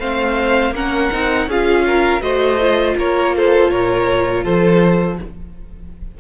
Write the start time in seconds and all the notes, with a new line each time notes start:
0.00 A3 C4 C5 F5
0.71 A#3 C#4 A#4 F#5
1.12 C4 D#4
1.46 C#4 F4 G#4 F5
1.86 A#4
2.21 A3 F#4 C5 D#5
2.61 F4
2.97 A#3 A#4 C#5
3.36 A4 C5
3.71 A#2 A#4 C#5
4.44 F3 A4 C5